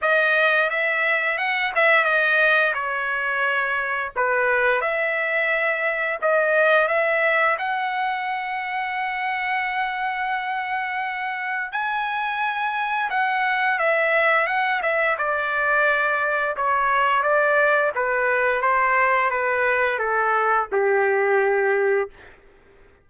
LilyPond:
\new Staff \with { instrumentName = "trumpet" } { \time 4/4 \tempo 4 = 87 dis''4 e''4 fis''8 e''8 dis''4 | cis''2 b'4 e''4~ | e''4 dis''4 e''4 fis''4~ | fis''1~ |
fis''4 gis''2 fis''4 | e''4 fis''8 e''8 d''2 | cis''4 d''4 b'4 c''4 | b'4 a'4 g'2 | }